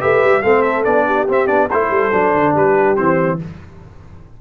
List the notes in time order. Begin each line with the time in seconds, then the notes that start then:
0.00 A3 G4 B4 E5
0.24 G3
0.42 A3 C4 A4 F5
0.62 E5
0.84 B3 D4 D5
1.06 G4
1.28 C4 E5
1.47 B3 D4 D5
1.70 A3 E4 A4 C5
1.90 G3
2.12 F#3 D4
2.34 D3
2.53 G3 G4 B4
2.96 E3 C4 C5